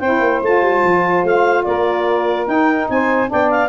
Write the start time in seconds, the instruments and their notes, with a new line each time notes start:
0.00 tuba C4, saxophone E4 C5, clarinet G5
0.20 tuba A#3
0.42 tuba A3, saxophone F4, clarinet A5
0.62 tuba G3
0.84 tuba F3
1.24 tuba A3, clarinet F5
1.64 tuba A#3, saxophone A#4, clarinet D5
2.47 saxophone D#4, tuba D#4, clarinet G5
2.89 tuba C4, saxophone C5, clarinet G#5
3.27 tuba B3, saxophone D4 D5, clarinet G5
3.51 clarinet F5